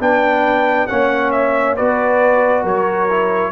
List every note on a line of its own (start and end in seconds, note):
0.00 0.88 B3
0.00 0.88 D4
0.00 0.90 B4
0.00 0.87 G5
0.87 1.80 A#3
0.87 1.78 C#4
0.87 1.76 C#5
0.87 1.31 F#5
1.31 1.76 E5
1.76 2.64 B3
1.76 3.10 F#4
1.76 2.62 B4
1.76 2.65 D5
2.62 3.52 F#3
2.62 3.51 A#4
2.62 3.52 C#5
3.10 3.52 E4